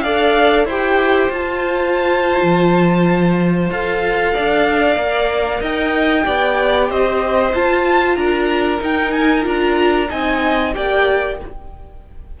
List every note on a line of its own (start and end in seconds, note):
0.00 0.64 D4
0.00 0.68 A4
0.00 0.65 D5
0.00 0.64 F5
0.64 1.28 E4
0.64 1.31 G4
0.64 4.32 C5
0.64 1.33 G5
1.29 2.40 F4
1.29 3.71 F4
1.29 3.71 A5
2.42 3.70 F3
3.70 4.34 F4
3.70 4.96 A4
3.70 5.62 F5
4.33 4.96 D4
4.33 5.60 D5
4.96 5.59 A#3
4.96 6.23 A#4
5.60 6.24 D#4
5.60 6.24 D#5
5.60 6.90 G5
6.24 6.89 B3
6.24 7.52 G4
6.24 6.89 D5
6.89 7.53 C4
6.89 8.16 C5
6.89 7.54 D#5
7.54 8.79 F4
7.54 8.16 F4
7.54 8.16 A5
8.16 8.80 D4
8.16 10.09 A#4
8.16 8.79 A#5
8.79 9.42 D#4
8.79 9.45 D#4
8.79 9.11 G5
9.11 9.43 G#5
9.42 10.09 D4
9.42 10.06 F4
9.42 10.10 A#5
10.09 10.75 C4
10.09 10.73 D#4
10.09 10.73 D#5
10.09 10.74 G#5
10.73 11.40 A#3
10.73 11.37 G4
10.73 11.40 D5
10.73 11.38 G5